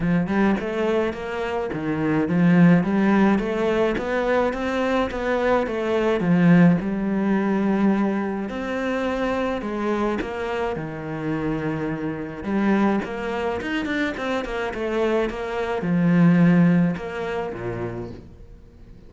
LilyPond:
\new Staff \with { instrumentName = "cello" } { \time 4/4 \tempo 4 = 106 f8 g8 a4 ais4 dis4 | f4 g4 a4 b4 | c'4 b4 a4 f4 | g2. c'4~ |
c'4 gis4 ais4 dis4~ | dis2 g4 ais4 | dis'8 d'8 c'8 ais8 a4 ais4 | f2 ais4 ais,4 | }